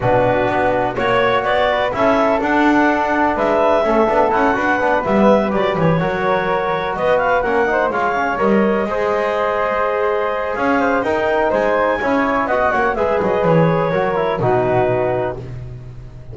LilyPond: <<
  \new Staff \with { instrumentName = "clarinet" } { \time 4/4 \tempo 4 = 125 b'2 cis''4 d''4 | e''4 fis''2 e''4~ | e''4 fis''4. e''4 d''8 | cis''2~ cis''8 dis''8 f''8 fis''8~ |
fis''8 f''4 dis''2~ dis''8~ | dis''2 f''4 g''4 | gis''2 fis''4 e''8 dis''8 | cis''2 b'2 | }
  \new Staff \with { instrumentName = "flute" } { \time 4/4 fis'2 cis''4. b'8 | a'2. b'4 | a'4. b'2~ b'8~ | b'8 ais'2 b'4 ais'8 |
c''8 cis''2 c''4.~ | c''2 cis''8 c''8 ais'4 | c''4 cis''4 dis''8 cis''8 b'4~ | b'4 ais'4 fis'2 | }
  \new Staff \with { instrumentName = "trombone" } { \time 4/4 d'2 fis'2 | e'4 d'2. | cis'8 d'8 e'8 fis'8 d'8 b4 g'8~ | g'8 fis'2. cis'8 |
dis'8 f'8 cis'8 ais'4 gis'4.~ | gis'2. dis'4~ | dis'4 e'4 fis'4 gis'4~ | gis'4 fis'8 e'8 dis'2 | }
  \new Staff \with { instrumentName = "double bass" } { \time 4/4 b,4 b4 ais4 b4 | cis'4 d'2 gis4 | a8 b8 cis'8 d'8 b8 g4 fis8 | e8 fis2 b4 ais8~ |
ais8 gis4 g4 gis4.~ | gis2 cis'4 dis'4 | gis4 cis'4 b8 ais8 gis8 fis8 | e4 fis4 b,2 | }
>>